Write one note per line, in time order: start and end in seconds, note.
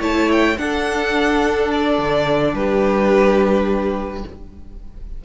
0.00 0.58 A3
0.00 0.57 E4
0.00 0.57 C#5
0.00 0.31 A5
0.32 0.58 G5
0.57 4.25 D4
0.57 1.99 D4
0.57 2.55 A4
0.57 1.71 F#5
1.72 2.55 D5
1.99 2.54 D3
2.54 4.24 G3
2.54 4.25 G4
2.54 4.25 B4